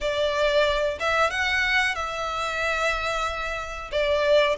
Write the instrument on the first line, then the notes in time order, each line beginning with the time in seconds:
violin
0.00 D5
0.99 E5
1.30 F#5
1.95 E5
3.91 D5